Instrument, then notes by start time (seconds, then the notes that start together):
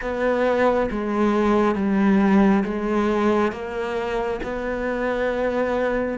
cello
0.01 B3
0.91 G#3
1.75 G3
2.64 G#3
3.51 A#3
4.43 B3